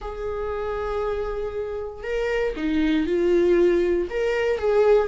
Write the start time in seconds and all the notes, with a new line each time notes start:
0.01 G#4
2.03 A#4
2.56 D#4
3.06 F4
4.10 A#4
4.58 G#4